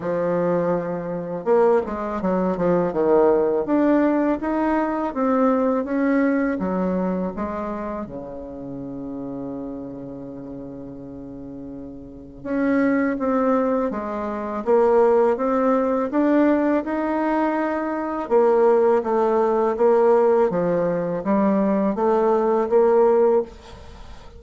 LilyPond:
\new Staff \with { instrumentName = "bassoon" } { \time 4/4 \tempo 4 = 82 f2 ais8 gis8 fis8 f8 | dis4 d'4 dis'4 c'4 | cis'4 fis4 gis4 cis4~ | cis1~ |
cis4 cis'4 c'4 gis4 | ais4 c'4 d'4 dis'4~ | dis'4 ais4 a4 ais4 | f4 g4 a4 ais4 | }